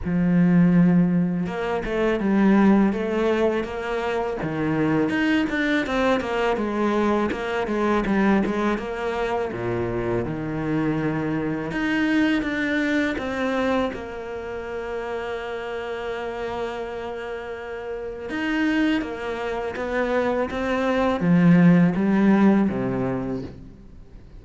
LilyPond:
\new Staff \with { instrumentName = "cello" } { \time 4/4 \tempo 4 = 82 f2 ais8 a8 g4 | a4 ais4 dis4 dis'8 d'8 | c'8 ais8 gis4 ais8 gis8 g8 gis8 | ais4 ais,4 dis2 |
dis'4 d'4 c'4 ais4~ | ais1~ | ais4 dis'4 ais4 b4 | c'4 f4 g4 c4 | }